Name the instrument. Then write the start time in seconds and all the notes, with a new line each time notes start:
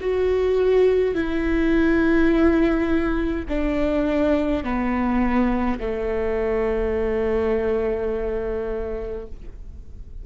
viola
0.00 F#4
1.14 E4
3.48 D4
4.64 B3
5.80 A3